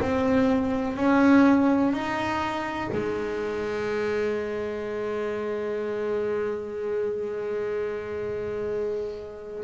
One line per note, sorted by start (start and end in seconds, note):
0.00 0.96 C4
0.96 1.93 C#4
1.93 2.89 D#4
2.93 9.64 G#3